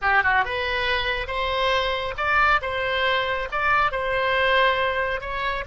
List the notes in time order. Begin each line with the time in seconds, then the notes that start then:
0.01 G4
0.23 F#4
0.44 B4
1.27 C5
2.17 D5
2.61 C5
3.51 D5
3.91 C5
5.21 C#5